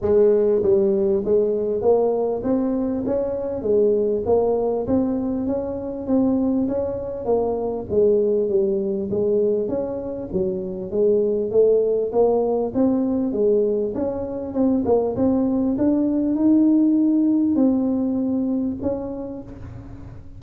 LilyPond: \new Staff \with { instrumentName = "tuba" } { \time 4/4 \tempo 4 = 99 gis4 g4 gis4 ais4 | c'4 cis'4 gis4 ais4 | c'4 cis'4 c'4 cis'4 | ais4 gis4 g4 gis4 |
cis'4 fis4 gis4 a4 | ais4 c'4 gis4 cis'4 | c'8 ais8 c'4 d'4 dis'4~ | dis'4 c'2 cis'4 | }